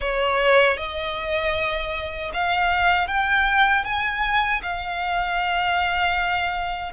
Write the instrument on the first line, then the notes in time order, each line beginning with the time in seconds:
violin
0.00 C#5
0.77 D#5
2.33 F5
3.07 G5
3.84 G#5
4.62 F5